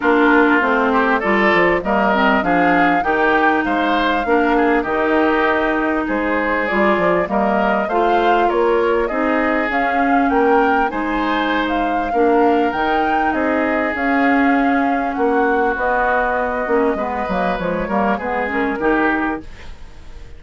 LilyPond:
<<
  \new Staff \with { instrumentName = "flute" } { \time 4/4 \tempo 4 = 99 ais'4 c''4 d''4 dis''4 | f''4 g''4 f''2 | dis''2 c''4 d''4 | dis''4 f''4 cis''4 dis''4 |
f''4 g''4 gis''4~ gis''16 f''8.~ | f''4 g''4 dis''4 f''4~ | f''4 fis''4 dis''2~ | dis''4 cis''4 b'8 ais'4. | }
  \new Staff \with { instrumentName = "oboe" } { \time 4/4 f'4. g'8 a'4 ais'4 | gis'4 g'4 c''4 ais'8 gis'8 | g'2 gis'2 | ais'4 c''4 ais'4 gis'4~ |
gis'4 ais'4 c''2 | ais'2 gis'2~ | gis'4 fis'2. | b'4. ais'8 gis'4 g'4 | }
  \new Staff \with { instrumentName = "clarinet" } { \time 4/4 d'4 c'4 f'4 ais8 c'8 | d'4 dis'2 d'4 | dis'2. f'4 | ais4 f'2 dis'4 |
cis'2 dis'2 | d'4 dis'2 cis'4~ | cis'2 b4. cis'8 | b8 ais8 gis8 ais8 b8 cis'8 dis'4 | }
  \new Staff \with { instrumentName = "bassoon" } { \time 4/4 ais4 a4 g8 f8 g4 | f4 dis4 gis4 ais4 | dis2 gis4 g8 f8 | g4 a4 ais4 c'4 |
cis'4 ais4 gis2 | ais4 dis4 c'4 cis'4~ | cis'4 ais4 b4. ais8 | gis8 fis8 f8 g8 gis4 dis4 | }
>>